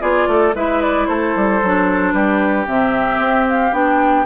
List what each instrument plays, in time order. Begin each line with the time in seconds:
0.00 bassoon B3, clarinet F4, oboe G#4, flute D5
0.27 bassoon A3, oboe A4
0.55 bassoon G#3, clarinet E4, oboe B4, flute E5
0.81 flute D5
1.06 bassoon A3, oboe A4, flute C5
1.35 bassoon G3
1.62 bassoon F#3, clarinet D4
2.12 bassoon G3, oboe G4, flute B4
2.67 bassoon C3, clarinet C4, flute E5
3.19 bassoon C4
3.49 flute F5
3.72 bassoon B3, clarinet D4, flute G5